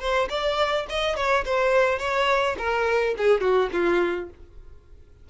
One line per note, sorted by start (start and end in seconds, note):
0.00 0.29 C5
0.29 0.86 D5
0.89 1.16 D#5
1.16 1.45 C#5
1.45 1.99 C5
1.99 2.56 C#5
2.58 3.15 A#4
3.18 3.41 G#4
3.41 3.70 F#4
3.72 4.30 F4